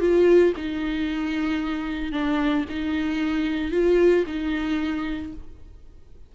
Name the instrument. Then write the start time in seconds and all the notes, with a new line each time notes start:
viola
0.00 F4
0.56 D#4
2.12 D4
2.70 D#4
3.71 F4
4.26 D#4